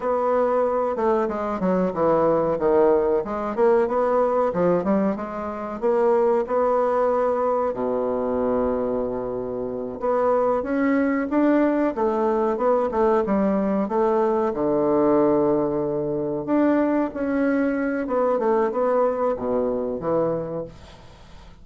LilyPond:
\new Staff \with { instrumentName = "bassoon" } { \time 4/4 \tempo 4 = 93 b4. a8 gis8 fis8 e4 | dis4 gis8 ais8 b4 f8 g8 | gis4 ais4 b2 | b,2.~ b,8 b8~ |
b8 cis'4 d'4 a4 b8 | a8 g4 a4 d4.~ | d4. d'4 cis'4. | b8 a8 b4 b,4 e4 | }